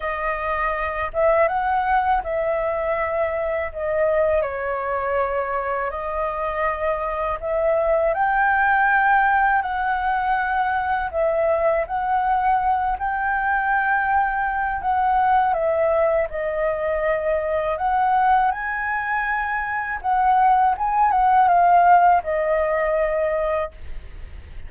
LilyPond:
\new Staff \with { instrumentName = "flute" } { \time 4/4 \tempo 4 = 81 dis''4. e''8 fis''4 e''4~ | e''4 dis''4 cis''2 | dis''2 e''4 g''4~ | g''4 fis''2 e''4 |
fis''4. g''2~ g''8 | fis''4 e''4 dis''2 | fis''4 gis''2 fis''4 | gis''8 fis''8 f''4 dis''2 | }